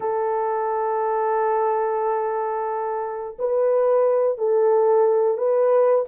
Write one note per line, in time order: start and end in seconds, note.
0.00 3.36 A4
3.39 4.38 B4
4.38 5.37 A4
5.37 6.05 B4